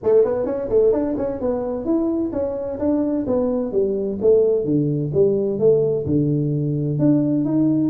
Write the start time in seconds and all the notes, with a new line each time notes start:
0.03 A3
0.24 B3
0.45 C#4
0.69 A3
0.92 D4
1.17 C#4
1.40 B3
1.85 E4
2.32 C#4
2.79 D4
3.26 B3
3.72 G3
4.21 A3
4.64 D3
5.13 G3
5.59 A3
6.05 D3
6.99 D4
7.45 D#4